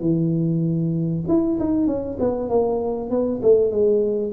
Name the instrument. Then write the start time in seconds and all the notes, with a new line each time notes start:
tuba
0.00 E3
1.27 E4
1.59 D#4
1.86 C#4
2.19 B3
2.49 A#3
3.10 B3
3.42 A3
3.71 G#3